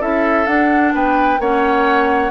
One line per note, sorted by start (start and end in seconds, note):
0.00 0.46 C#4
0.00 0.46 E4
0.00 0.93 A4
0.00 0.46 E5
0.46 1.39 D4
0.46 0.93 D4
0.46 0.93 F#5
0.94 1.39 B3
0.94 1.40 B4
0.94 1.41 G5
1.39 2.31 A#3
1.39 2.31 C#4
1.39 2.31 C#5
1.39 2.31 F#5